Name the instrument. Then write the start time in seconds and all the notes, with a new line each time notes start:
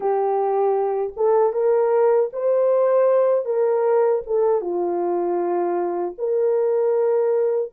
horn
0.00 G4
1.16 A4
1.52 A#4
2.32 C5
3.45 A#4
4.26 A4
4.61 F4
6.17 A#4